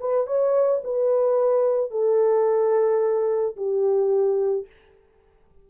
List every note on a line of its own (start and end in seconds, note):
0.00 0.27 B4
0.27 0.82 C#5
0.84 1.91 B4
1.91 3.56 A4
3.56 4.66 G4